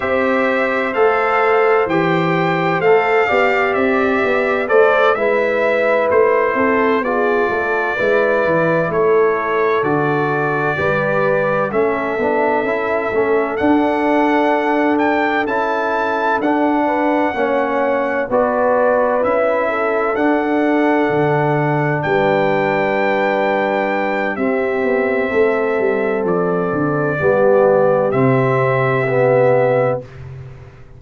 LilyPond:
<<
  \new Staff \with { instrumentName = "trumpet" } { \time 4/4 \tempo 4 = 64 e''4 f''4 g''4 f''4 | e''4 d''8 e''4 c''4 d''8~ | d''4. cis''4 d''4.~ | d''8 e''2 fis''4. |
g''8 a''4 fis''2 d''8~ | d''8 e''4 fis''2 g''8~ | g''2 e''2 | d''2 e''2 | }
  \new Staff \with { instrumentName = "horn" } { \time 4/4 c''2.~ c''8 d''8~ | d''4 c''8 b'4. a'8 gis'8 | a'8 b'4 a'2 b'8~ | b'8 a'2.~ a'8~ |
a'2 b'8 cis''4 b'8~ | b'4 a'2~ a'8 b'8~ | b'2 g'4 a'4~ | a'4 g'2. | }
  \new Staff \with { instrumentName = "trombone" } { \time 4/4 g'4 a'4 g'4 a'8 g'8~ | g'4 a'8 e'2 f'8~ | f'8 e'2 fis'4 g'8~ | g'8 cis'8 d'8 e'8 cis'8 d'4.~ |
d'8 e'4 d'4 cis'4 fis'8~ | fis'8 e'4 d'2~ d'8~ | d'2 c'2~ | c'4 b4 c'4 b4 | }
  \new Staff \with { instrumentName = "tuba" } { \time 4/4 c'4 a4 e4 a8 b8 | c'8 b8 a8 gis4 a8 c'8 b8 | a8 gis8 e8 a4 d4 g8~ | g8 a8 b8 cis'8 a8 d'4.~ |
d'8 cis'4 d'4 ais4 b8~ | b8 cis'4 d'4 d4 g8~ | g2 c'8 b8 a8 g8 | f8 d8 g4 c2 | }
>>